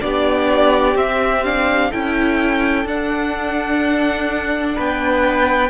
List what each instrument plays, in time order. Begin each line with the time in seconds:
0.00 cello B3, viola D4, violin G4 D5
0.95 cello C4, viola C4, violin E5
1.44 viola D4, violin F5
1.90 cello C#4, viola E4, violin A4 G5
2.85 cello D4, viola D4, violin F#5
4.74 cello B3, violin B4 G5